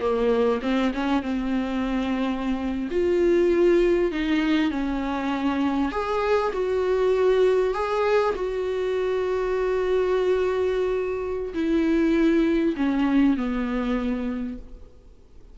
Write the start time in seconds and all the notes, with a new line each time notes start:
0.00 A#3
0.62 C4
0.94 C#4
1.22 C4
2.91 F4
4.12 D#4
4.71 C#4
5.92 G#4
6.53 F#4
7.74 G#4
8.36 F#4
11.54 E4
12.76 C#4
13.37 B3